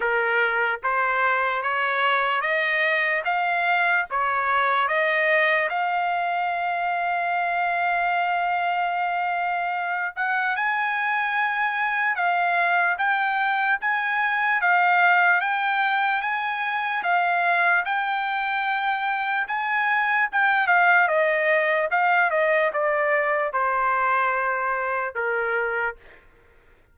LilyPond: \new Staff \with { instrumentName = "trumpet" } { \time 4/4 \tempo 4 = 74 ais'4 c''4 cis''4 dis''4 | f''4 cis''4 dis''4 f''4~ | f''1~ | f''8 fis''8 gis''2 f''4 |
g''4 gis''4 f''4 g''4 | gis''4 f''4 g''2 | gis''4 g''8 f''8 dis''4 f''8 dis''8 | d''4 c''2 ais'4 | }